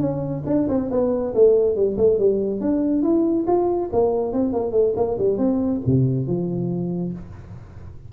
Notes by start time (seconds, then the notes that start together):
0.00 C#4
0.46 D4
0.69 C4
0.91 B3
1.34 A3
1.76 G3
1.97 A3
2.19 G3
2.61 D4
3.03 E4
3.47 F4
3.93 A#3
4.33 C4
4.53 A#3
4.72 A3
4.96 A#3
5.18 G3
5.38 C4
5.86 C3
6.27 F3